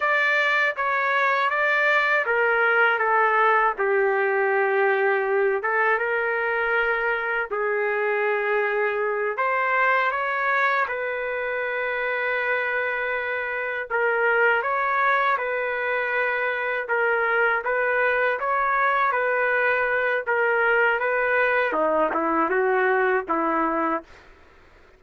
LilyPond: \new Staff \with { instrumentName = "trumpet" } { \time 4/4 \tempo 4 = 80 d''4 cis''4 d''4 ais'4 | a'4 g'2~ g'8 a'8 | ais'2 gis'2~ | gis'8 c''4 cis''4 b'4.~ |
b'2~ b'8 ais'4 cis''8~ | cis''8 b'2 ais'4 b'8~ | b'8 cis''4 b'4. ais'4 | b'4 dis'8 e'8 fis'4 e'4 | }